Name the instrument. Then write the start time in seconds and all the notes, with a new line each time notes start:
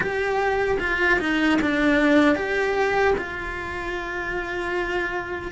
cello
0.00 G4
0.79 F4
1.19 D#4
1.61 D4
2.35 G4
3.17 F4